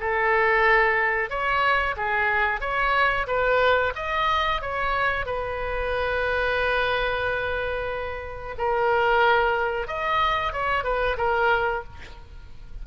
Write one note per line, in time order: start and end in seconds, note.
0.00 1.30 A4
1.30 1.96 C#5
1.97 2.60 G#4
2.60 3.26 C#5
3.27 3.93 B4
3.96 4.61 D#5
4.61 5.26 C#5
5.26 8.56 B4
8.58 9.88 A#4
9.88 10.53 D#5
10.53 10.84 C#5
10.84 11.17 B4
11.17 11.83 A#4